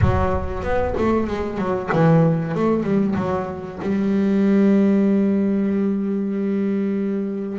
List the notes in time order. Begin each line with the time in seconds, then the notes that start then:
0.01 F#3
0.63 B3
0.97 A3
1.27 G#3
1.58 F#3
1.92 E3
2.54 A3
2.82 G3
3.15 F#3
3.82 G3